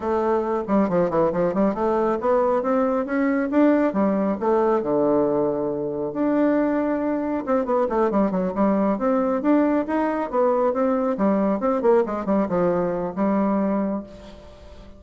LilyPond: \new Staff \with { instrumentName = "bassoon" } { \time 4/4 \tempo 4 = 137 a4. g8 f8 e8 f8 g8 | a4 b4 c'4 cis'4 | d'4 g4 a4 d4~ | d2 d'2~ |
d'4 c'8 b8 a8 g8 fis8 g8~ | g8 c'4 d'4 dis'4 b8~ | b8 c'4 g4 c'8 ais8 gis8 | g8 f4. g2 | }